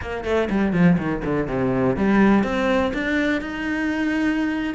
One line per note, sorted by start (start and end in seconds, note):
0.01 0.24 A#3
0.24 0.48 A3
0.50 0.73 G3
0.73 0.97 F3
0.98 1.22 D#3
1.24 1.47 D3
1.47 1.96 C3
1.96 2.43 G3
2.43 2.92 C4
2.93 3.41 D4
3.41 4.74 D#4